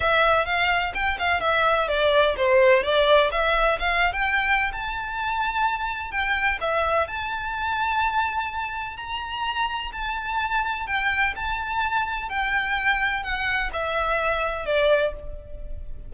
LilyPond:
\new Staff \with { instrumentName = "violin" } { \time 4/4 \tempo 4 = 127 e''4 f''4 g''8 f''8 e''4 | d''4 c''4 d''4 e''4 | f''8. g''4~ g''16 a''2~ | a''4 g''4 e''4 a''4~ |
a''2. ais''4~ | ais''4 a''2 g''4 | a''2 g''2 | fis''4 e''2 d''4 | }